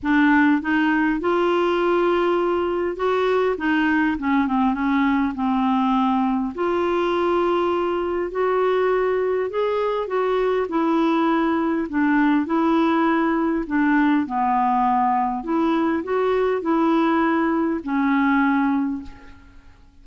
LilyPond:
\new Staff \with { instrumentName = "clarinet" } { \time 4/4 \tempo 4 = 101 d'4 dis'4 f'2~ | f'4 fis'4 dis'4 cis'8 c'8 | cis'4 c'2 f'4~ | f'2 fis'2 |
gis'4 fis'4 e'2 | d'4 e'2 d'4 | b2 e'4 fis'4 | e'2 cis'2 | }